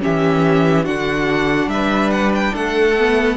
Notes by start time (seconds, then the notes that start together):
0.00 E3 C#4 G4 E5
0.85 D3 D4 F#4 F#5
1.67 G3 E5
1.73 B4
2.11 F#5
2.35 G5
2.53 A3 A4 F#5
2.98 B3